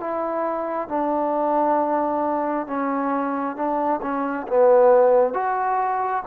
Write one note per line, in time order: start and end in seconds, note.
0.00 0.88 E4
0.88 2.67 D4
2.67 3.56 C#4
3.56 4.01 D4
4.02 4.47 C#4
4.48 5.34 B3
5.34 6.23 F#4